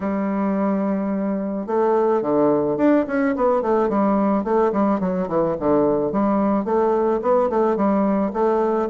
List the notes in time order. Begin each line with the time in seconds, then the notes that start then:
0.00 G3
1.66 A3
2.22 D3
2.77 D4
3.07 C#4
3.36 B3
3.62 A3
3.89 G3
4.44 A3
4.72 G3
5.00 F#3
5.28 E3
5.59 D3
6.12 G3
6.64 A3
7.22 B3
7.49 A3
7.76 G3
8.33 A3